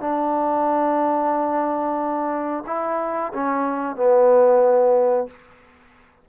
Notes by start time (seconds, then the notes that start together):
0.00 D4
2.66 E4
3.34 C#4
3.96 B3